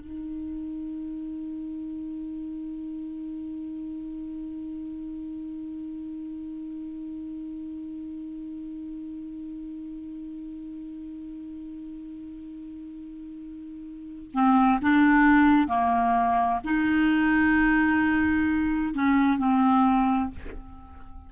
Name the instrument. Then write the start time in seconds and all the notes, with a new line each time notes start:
clarinet
0.00 D#4
14.33 C4
14.82 D4
15.68 A#3
16.64 D#4
18.94 C#4
19.38 C4